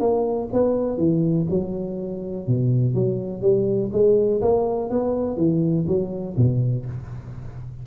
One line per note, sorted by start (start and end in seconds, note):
0.00 0.49 A#3
0.53 0.98 B3
0.98 1.46 E3
1.50 2.47 F#3
2.47 2.94 B2
2.94 3.42 F#3
3.42 3.90 G3
3.92 4.41 G#3
4.41 4.90 A#3
4.90 5.37 B3
5.37 5.86 E3
5.87 6.36 F#3
6.37 6.86 B2